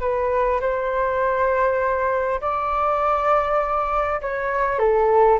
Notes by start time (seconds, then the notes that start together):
0.00 B4
0.61 C5
2.41 D5
4.21 C#5
4.79 A4